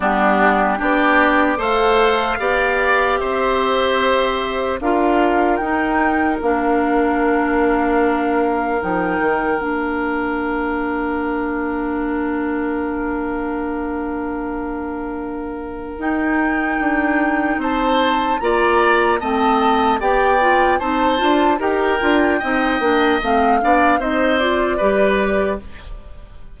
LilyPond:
<<
  \new Staff \with { instrumentName = "flute" } { \time 4/4 \tempo 4 = 75 g'4 d''4 f''2 | e''2 f''4 g''4 | f''2. g''4 | f''1~ |
f''1 | g''2 a''4 ais''4 | a''4 g''4 a''4 g''4~ | g''4 f''4 dis''8 d''4. | }
  \new Staff \with { instrumentName = "oboe" } { \time 4/4 d'4 g'4 c''4 d''4 | c''2 ais'2~ | ais'1~ | ais'1~ |
ais'1~ | ais'2 c''4 d''4 | dis''4 d''4 c''4 ais'4 | dis''4. d''8 c''4 b'4 | }
  \new Staff \with { instrumentName = "clarinet" } { \time 4/4 b4 d'4 a'4 g'4~ | g'2 f'4 dis'4 | d'2. dis'4 | d'1~ |
d'1 | dis'2. f'4 | c'4 g'8 f'8 dis'8 f'8 g'8 f'8 | dis'8 d'8 c'8 d'8 dis'8 f'8 g'4 | }
  \new Staff \with { instrumentName = "bassoon" } { \time 4/4 g4 b4 a4 b4 | c'2 d'4 dis'4 | ais2. f8 dis8 | ais1~ |
ais1 | dis'4 d'4 c'4 ais4 | a4 b4 c'8 d'8 dis'8 d'8 | c'8 ais8 a8 b8 c'4 g4 | }
>>